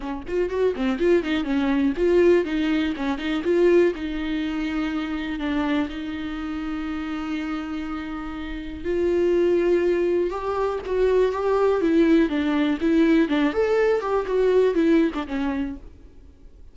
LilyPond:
\new Staff \with { instrumentName = "viola" } { \time 4/4 \tempo 4 = 122 cis'8 f'8 fis'8 c'8 f'8 dis'8 cis'4 | f'4 dis'4 cis'8 dis'8 f'4 | dis'2. d'4 | dis'1~ |
dis'2 f'2~ | f'4 g'4 fis'4 g'4 | e'4 d'4 e'4 d'8 a'8~ | a'8 g'8 fis'4 e'8. d'16 cis'4 | }